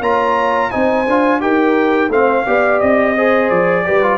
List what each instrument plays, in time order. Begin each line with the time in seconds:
0.00 tuba A#3, trombone F4, horn C#5, trumpet A#5
0.71 tuba C4, trombone D#4, horn C5, trumpet G#5
1.07 tuba D4, trombone F4
1.40 tuba D#4, trombone G4, horn A#4, trumpet G5
2.09 tuba A3, trombone C4, horn C5, trumpet F5
2.46 tuba B3, trombone G4, horn D5
2.80 tuba C4, trumpet D#5
3.15 trombone G#4, horn C5
3.50 tuba F3, trumpet D5
3.85 tuba G3, trombone G4, horn B4
4.02 trombone F4